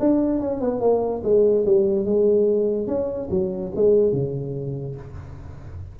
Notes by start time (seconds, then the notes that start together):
0.00 D4
0.40 C#4
0.61 B3
0.81 A#3
1.24 G#3
1.66 G3
2.05 G#3
2.87 C#4
3.31 F#3
3.76 G#3
4.13 C#3